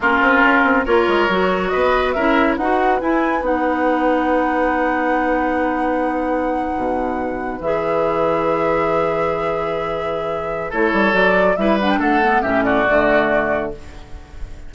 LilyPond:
<<
  \new Staff \with { instrumentName = "flute" } { \time 4/4 \tempo 4 = 140 ais'2 cis''2 | dis''4 e''4 fis''4 gis''4 | fis''1~ | fis''1~ |
fis''4.~ fis''16 e''2~ e''16~ | e''1~ | e''4 cis''4 d''4 e''8 fis''16 g''16 | fis''4 e''8 d''2~ d''8 | }
  \new Staff \with { instrumentName = "oboe" } { \time 4/4 f'2 ais'2 | b'4 ais'4 b'2~ | b'1~ | b'1~ |
b'1~ | b'1~ | b'4 a'2 b'4 | a'4 g'8 fis'2~ fis'8 | }
  \new Staff \with { instrumentName = "clarinet" } { \time 4/4 cis'2 f'4 fis'4~ | fis'4 e'4 fis'4 e'4 | dis'1~ | dis'1~ |
dis'4.~ dis'16 gis'2~ gis'16~ | gis'1~ | gis'4 e'4 fis'4 e'8 d'8~ | d'8 b8 cis'4 a2 | }
  \new Staff \with { instrumentName = "bassoon" } { \time 4/4 ais8 c'8 cis'8 c'8 ais8 gis8 fis4 | b4 cis'4 dis'4 e'4 | b1~ | b2.~ b8. b,16~ |
b,4.~ b,16 e2~ e16~ | e1~ | e4 a8 g8 fis4 g4 | a4 a,4 d2 | }
>>